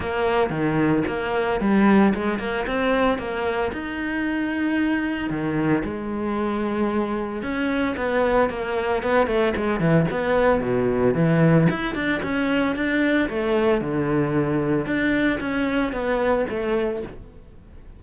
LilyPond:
\new Staff \with { instrumentName = "cello" } { \time 4/4 \tempo 4 = 113 ais4 dis4 ais4 g4 | gis8 ais8 c'4 ais4 dis'4~ | dis'2 dis4 gis4~ | gis2 cis'4 b4 |
ais4 b8 a8 gis8 e8 b4 | b,4 e4 e'8 d'8 cis'4 | d'4 a4 d2 | d'4 cis'4 b4 a4 | }